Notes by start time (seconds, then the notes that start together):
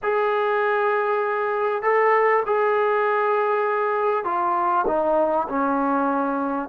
0.02 G#4
1.82 A4
2.45 G#4
4.24 F4
4.87 D#4
5.48 C#4